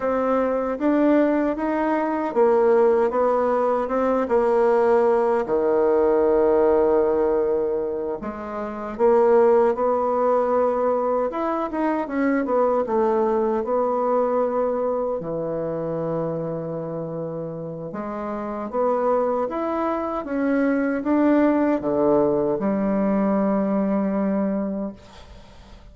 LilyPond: \new Staff \with { instrumentName = "bassoon" } { \time 4/4 \tempo 4 = 77 c'4 d'4 dis'4 ais4 | b4 c'8 ais4. dis4~ | dis2~ dis8 gis4 ais8~ | ais8 b2 e'8 dis'8 cis'8 |
b8 a4 b2 e8~ | e2. gis4 | b4 e'4 cis'4 d'4 | d4 g2. | }